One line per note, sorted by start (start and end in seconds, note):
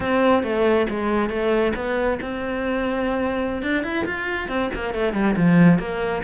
0.00 0.43 C4
0.43 0.86 A3
0.89 1.29 G#3
1.29 1.73 A3
1.75 2.19 B3
2.21 3.62 C4
3.62 3.83 D4
3.83 4.05 E4
4.05 4.48 F4
4.48 4.70 C4
4.74 4.94 A#3
4.94 5.13 A3
5.13 5.35 G3
5.36 5.78 F3
5.78 6.22 A#3